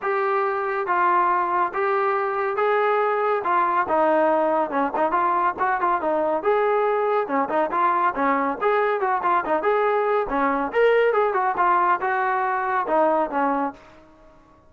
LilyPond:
\new Staff \with { instrumentName = "trombone" } { \time 4/4 \tempo 4 = 140 g'2 f'2 | g'2 gis'2 | f'4 dis'2 cis'8 dis'8 | f'4 fis'8 f'8 dis'4 gis'4~ |
gis'4 cis'8 dis'8 f'4 cis'4 | gis'4 fis'8 f'8 dis'8 gis'4. | cis'4 ais'4 gis'8 fis'8 f'4 | fis'2 dis'4 cis'4 | }